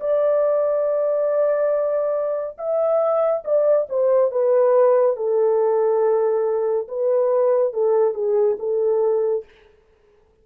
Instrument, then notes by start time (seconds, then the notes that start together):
horn
0.00 D5
2.58 E5
3.44 D5
3.89 C5
4.31 B4
5.16 A4
6.88 B4
7.73 A4
8.14 G#4
8.59 A4